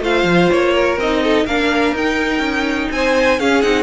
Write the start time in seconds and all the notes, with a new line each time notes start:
0.00 A3 F4 C5 F5
0.24 F3
0.50 A#3 C#5
0.75 A#4
0.97 C4 D#4 D#5
1.24 A4
1.46 A#3 D4 A#4 F5
1.92 D#4 G5
2.40 C#4
2.91 C4 C5 G#5
3.39 C#4 G#4 F5
3.62 C4 D#4 F#5